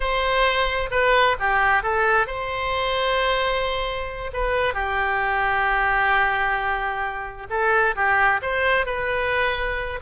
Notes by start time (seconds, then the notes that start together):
0.00 C5
0.90 B4
1.39 G4
1.82 A4
2.26 C5
4.33 B4
4.74 G4
7.49 A4
7.95 G4
8.42 C5
8.86 B4